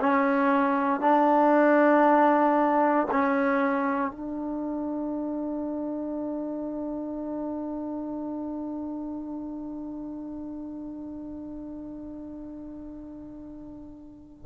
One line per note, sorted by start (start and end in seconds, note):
0.00 1.01 C#4
1.01 3.08 D4
3.11 4.11 C#4
4.11 14.46 D4